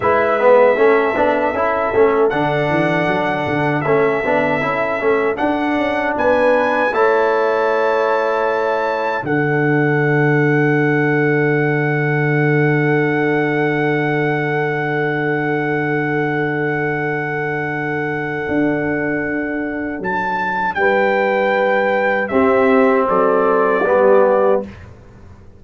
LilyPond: <<
  \new Staff \with { instrumentName = "trumpet" } { \time 4/4 \tempo 4 = 78 e''2. fis''4~ | fis''4 e''2 fis''4 | gis''4 a''2. | fis''1~ |
fis''1~ | fis''1~ | fis''2 a''4 g''4~ | g''4 e''4 d''2 | }
  \new Staff \with { instrumentName = "horn" } { \time 4/4 b'4 a'2.~ | a'1 | b'4 cis''2. | a'1~ |
a'1~ | a'1~ | a'2. b'4~ | b'4 g'4 a'4 g'4 | }
  \new Staff \with { instrumentName = "trombone" } { \time 4/4 e'8 b8 cis'8 d'8 e'8 cis'8 d'4~ | d'4 cis'8 d'8 e'8 cis'8 d'4~ | d'4 e'2. | d'1~ |
d'1~ | d'1~ | d'1~ | d'4 c'2 b4 | }
  \new Staff \with { instrumentName = "tuba" } { \time 4/4 gis4 a8 b8 cis'8 a8 d8 e8 | fis8 d8 a8 b8 cis'8 a8 d'8 cis'8 | b4 a2. | d1~ |
d1~ | d1 | d'2 fis4 g4~ | g4 c'4 fis4 g4 | }
>>